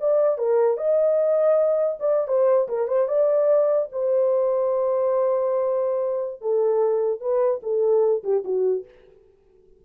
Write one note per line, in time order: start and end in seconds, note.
0.00 0.38 D5
0.38 0.77 A#4
0.77 1.98 D#5
1.99 2.28 D5
2.28 2.68 C5
2.68 2.88 A#4
2.88 3.08 C5
3.08 3.89 D5
3.92 6.41 C5
6.41 7.20 A4
7.20 7.61 B4
7.63 8.23 A4
8.23 8.43 G4
8.44 8.85 F#4